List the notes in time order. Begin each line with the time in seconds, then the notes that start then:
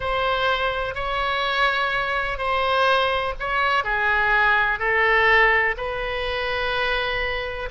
0.00 C5
0.94 C#5
2.37 C5
3.39 C#5
3.84 G#4
4.79 A4
5.77 B4